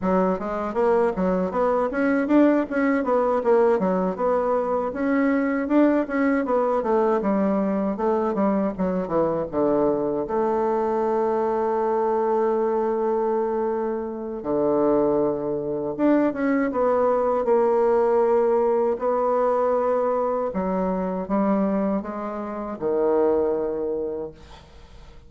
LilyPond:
\new Staff \with { instrumentName = "bassoon" } { \time 4/4 \tempo 4 = 79 fis8 gis8 ais8 fis8 b8 cis'8 d'8 cis'8 | b8 ais8 fis8 b4 cis'4 d'8 | cis'8 b8 a8 g4 a8 g8 fis8 | e8 d4 a2~ a8~ |
a2. d4~ | d4 d'8 cis'8 b4 ais4~ | ais4 b2 fis4 | g4 gis4 dis2 | }